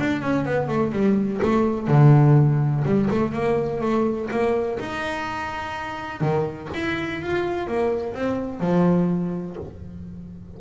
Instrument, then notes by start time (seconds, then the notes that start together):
double bass
0.00 D4
0.22 C#4
0.45 B3
0.69 A3
0.92 G3
1.43 A3
1.88 D3
2.85 G3
3.11 A3
3.33 A#3
3.81 A3
4.31 A#3
4.79 D#4
6.21 D#3
6.74 E4
7.22 F4
7.68 A#3
8.15 C4
8.61 F3